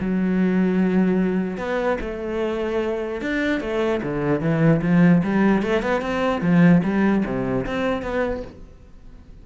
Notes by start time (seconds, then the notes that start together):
0.00 F#3
1.58 B3
2.01 A3
3.21 D4
3.61 A3
4.02 D3
4.41 E3
4.82 F3
5.23 G3
5.63 A3
5.82 B3
6.01 C4
6.42 F3
6.83 G3
7.25 C3
7.66 C4
8.02 B3